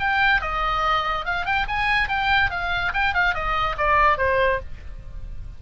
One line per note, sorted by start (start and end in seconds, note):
0.00 0.42 G5
0.42 1.25 D#5
1.26 1.46 F5
1.46 1.67 G5
1.68 2.09 G#5
2.09 2.51 G5
2.51 2.93 F5
2.94 3.14 G5
3.14 3.35 F5
3.35 3.76 D#5
3.78 4.18 D5
4.18 4.60 C5